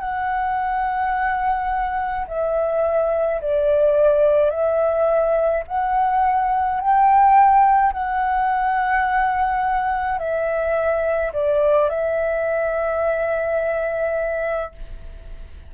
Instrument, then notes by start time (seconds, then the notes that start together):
flute
0.00 F#5
2.27 E5
3.41 D5
4.50 E5
5.68 F#5
6.81 G5
7.93 F#5
10.19 E5
11.33 D5
11.89 E5